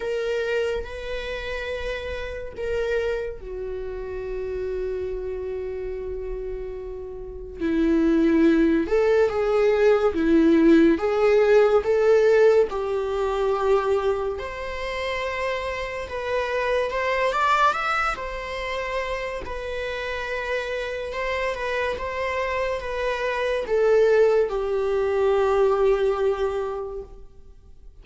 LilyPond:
\new Staff \with { instrumentName = "viola" } { \time 4/4 \tempo 4 = 71 ais'4 b'2 ais'4 | fis'1~ | fis'4 e'4. a'8 gis'4 | e'4 gis'4 a'4 g'4~ |
g'4 c''2 b'4 | c''8 d''8 e''8 c''4. b'4~ | b'4 c''8 b'8 c''4 b'4 | a'4 g'2. | }